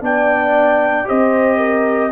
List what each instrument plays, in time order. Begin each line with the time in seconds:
0.00 tuba B3, trombone D4, horn D5, trumpet G5
1.04 tuba C4, trombone G4, horn C5, trumpet D#5
1.57 horn A#4